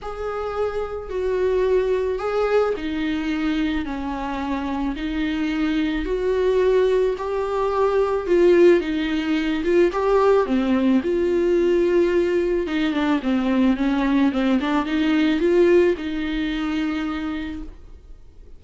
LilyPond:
\new Staff \with { instrumentName = "viola" } { \time 4/4 \tempo 4 = 109 gis'2 fis'2 | gis'4 dis'2 cis'4~ | cis'4 dis'2 fis'4~ | fis'4 g'2 f'4 |
dis'4. f'8 g'4 c'4 | f'2. dis'8 d'8 | c'4 cis'4 c'8 d'8 dis'4 | f'4 dis'2. | }